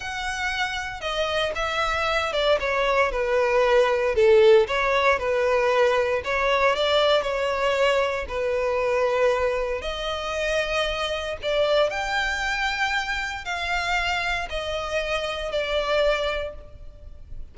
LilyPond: \new Staff \with { instrumentName = "violin" } { \time 4/4 \tempo 4 = 116 fis''2 dis''4 e''4~ | e''8 d''8 cis''4 b'2 | a'4 cis''4 b'2 | cis''4 d''4 cis''2 |
b'2. dis''4~ | dis''2 d''4 g''4~ | g''2 f''2 | dis''2 d''2 | }